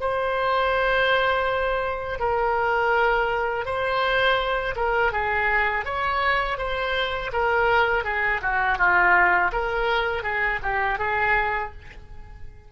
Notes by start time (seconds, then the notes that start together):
0.00 C5
2.19 A#4
3.65 C5
4.76 A#4
5.12 G#4
5.85 C#5
6.58 C5
7.32 A#4
8.04 G#4
8.42 F#4
8.78 F4
9.52 A#4
10.23 G#4
10.62 G4
10.98 G#4